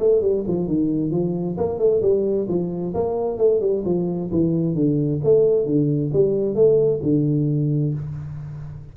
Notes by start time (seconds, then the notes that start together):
0.00 A3
0.22 G3
0.48 F3
0.68 D#3
1.12 F3
1.58 A#3
1.79 A3
2.02 G3
2.49 F3
2.94 A#3
3.38 A3
3.61 G3
3.86 F3
4.32 E3
4.76 D3
5.24 A3
5.66 D3
6.13 G3
6.55 A3
7.03 D3